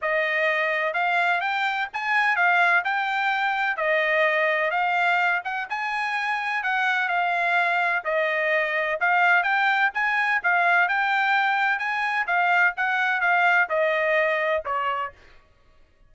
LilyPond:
\new Staff \with { instrumentName = "trumpet" } { \time 4/4 \tempo 4 = 127 dis''2 f''4 g''4 | gis''4 f''4 g''2 | dis''2 f''4. fis''8 | gis''2 fis''4 f''4~ |
f''4 dis''2 f''4 | g''4 gis''4 f''4 g''4~ | g''4 gis''4 f''4 fis''4 | f''4 dis''2 cis''4 | }